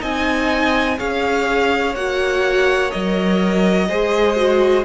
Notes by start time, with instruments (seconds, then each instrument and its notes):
0.00 cello C4, viola D#4, violin D#5 G#5
0.97 cello C#4, viola G#4, violin C#5 F5
1.95 cello A#3, viola F#4, violin F#5
2.90 cello F#3, viola A#4, violin D#5
3.89 cello G#3, viola G#4, violin C5
4.36 viola F#4